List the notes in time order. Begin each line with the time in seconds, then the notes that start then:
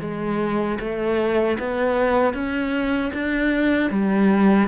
0.00 G#3
0.79 A3
1.59 B3
2.33 C#4
3.13 D4
3.90 G3